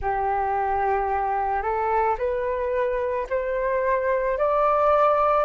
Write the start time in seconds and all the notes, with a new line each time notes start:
0.01 G4
1.62 A4
2.18 B4
3.29 C5
4.38 D5